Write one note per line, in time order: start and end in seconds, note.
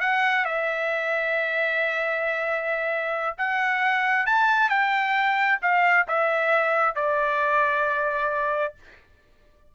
0.00 0.45 F#5
0.45 3.36 E5
3.37 4.26 F#5
4.26 4.69 A5
4.69 5.59 G5
5.61 6.06 F5
6.08 6.95 E5
6.95 8.74 D5